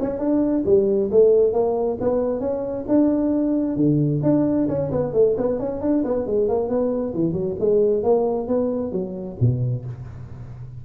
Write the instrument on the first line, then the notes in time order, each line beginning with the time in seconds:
tuba
0.00 C#4
0.19 D4
0.66 G3
1.12 A3
1.53 A#3
2.01 B3
2.40 C#4
2.88 D4
3.76 D3
4.23 D4
4.69 C#4
4.91 B3
5.14 A3
5.38 B3
5.59 C#4
5.81 D4
6.04 B3
6.27 G#3
6.48 A#3
6.69 B3
7.14 E3
7.33 F#3
7.60 G#3
8.04 A#3
8.48 B3
8.92 F#3
9.41 B2